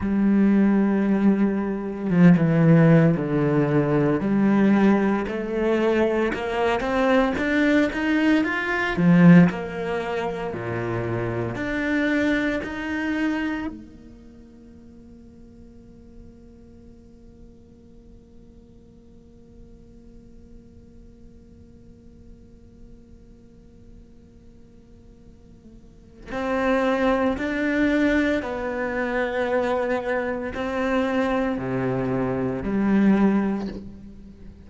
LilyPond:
\new Staff \with { instrumentName = "cello" } { \time 4/4 \tempo 4 = 57 g2 f16 e8. d4 | g4 a4 ais8 c'8 d'8 dis'8 | f'8 f8 ais4 ais,4 d'4 | dis'4 ais2.~ |
ais1~ | ais1~ | ais4 c'4 d'4 b4~ | b4 c'4 c4 g4 | }